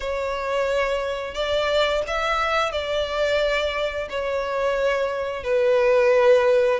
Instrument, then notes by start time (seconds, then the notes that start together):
violin
0.00 C#5
1.34 D5
2.07 E5
2.71 D5
4.09 C#5
5.43 B4